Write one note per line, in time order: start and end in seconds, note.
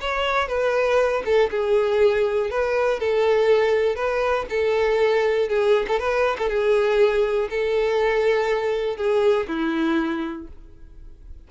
0.00 0.47 C#5
0.47 1.22 B4
1.25 1.50 A4
1.50 2.50 G#4
2.50 2.99 B4
2.99 3.95 A4
3.95 4.45 B4
4.49 5.48 A4
5.48 5.86 G#4
5.87 5.99 A4
5.99 6.36 B4
6.38 6.48 A4
6.48 7.48 G#4
7.50 8.96 A4
8.96 9.46 G#4
9.47 10.47 E4